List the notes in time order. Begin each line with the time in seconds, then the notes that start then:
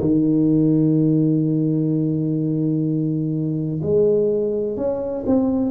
0.00 D#3
3.82 G#3
4.77 C#4
5.26 C4